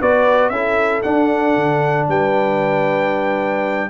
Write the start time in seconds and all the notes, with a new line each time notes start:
0.00 B3 F#4 B4 D5
0.50 C#4 E4 A4 E5
1.03 D4 F#5
1.57 D3
2.09 G3 B4 G5